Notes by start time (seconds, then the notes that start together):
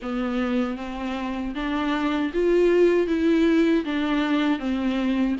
0.01 B3
0.77 C4
1.55 D4
2.33 F4
3.07 E4
3.85 D4
4.59 C4